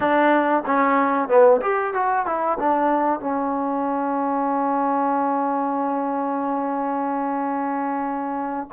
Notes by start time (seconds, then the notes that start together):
0.00 D4
0.65 C#4
1.28 B3
1.61 G4
1.93 F#4
2.26 E4
2.59 D4
3.20 C#4